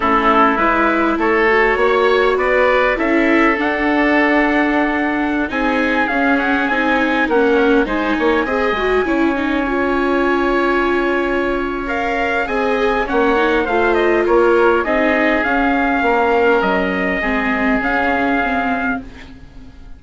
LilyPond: <<
  \new Staff \with { instrumentName = "trumpet" } { \time 4/4 \tempo 4 = 101 a'4 b'4 cis''2 | d''4 e''4 fis''2~ | fis''4~ fis''16 gis''4 f''8 fis''8 gis''8.~ | gis''16 fis''4 gis''2~ gis''8.~ |
gis''1 | f''4 gis''4 fis''4 f''8 dis''8 | cis''4 dis''4 f''2 | dis''2 f''2 | }
  \new Staff \with { instrumentName = "oboe" } { \time 4/4 e'2 a'4 cis''4 | b'4 a'2.~ | a'4~ a'16 gis'2~ gis'8.~ | gis'16 ais'4 c''8 cis''8 dis''4 cis''8.~ |
cis''1~ | cis''4 dis''4 cis''4 c''4 | ais'4 gis'2 ais'4~ | ais'4 gis'2. | }
  \new Staff \with { instrumentName = "viola" } { \time 4/4 cis'4 e'4. fis'4.~ | fis'4 e'4 d'2~ | d'4~ d'16 dis'4 cis'4 dis'8.~ | dis'16 cis'4 dis'4 gis'8 fis'8 e'8 dis'16~ |
dis'16 f'2.~ f'8. | ais'4 gis'4 cis'8 dis'8 f'4~ | f'4 dis'4 cis'2~ | cis'4 c'4 cis'4 c'4 | }
  \new Staff \with { instrumentName = "bassoon" } { \time 4/4 a4 gis4 a4 ais4 | b4 cis'4 d'2~ | d'4~ d'16 c'4 cis'4 c'8.~ | c'16 ais4 gis8 ais8 c'8 gis8 cis'8.~ |
cis'1~ | cis'4 c'4 ais4 a4 | ais4 c'4 cis'4 ais4 | fis4 gis4 cis2 | }
>>